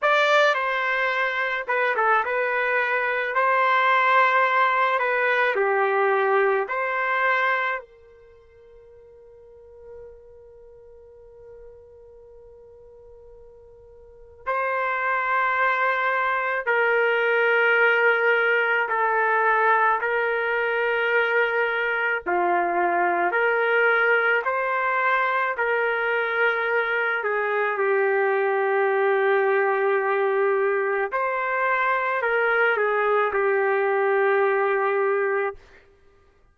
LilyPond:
\new Staff \with { instrumentName = "trumpet" } { \time 4/4 \tempo 4 = 54 d''8 c''4 b'16 a'16 b'4 c''4~ | c''8 b'8 g'4 c''4 ais'4~ | ais'1~ | ais'4 c''2 ais'4~ |
ais'4 a'4 ais'2 | f'4 ais'4 c''4 ais'4~ | ais'8 gis'8 g'2. | c''4 ais'8 gis'8 g'2 | }